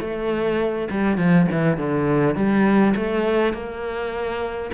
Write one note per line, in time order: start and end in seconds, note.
0.00 0.88 A3
0.90 1.17 G3
1.17 1.47 F3
1.51 1.77 E3
1.77 2.35 D3
2.35 2.94 G3
2.96 3.53 A3
3.53 4.71 A#3